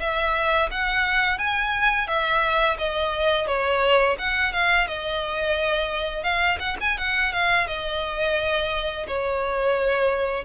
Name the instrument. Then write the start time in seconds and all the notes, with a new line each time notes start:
violin
0.00 E5
0.71 F#5
1.39 G#5
2.08 E5
2.78 D#5
3.47 C#5
4.19 F#5
4.53 F5
4.88 D#5
6.24 F5
6.60 F#5
6.81 G#5
6.98 F#5
7.33 F5
7.67 D#5
9.08 C#5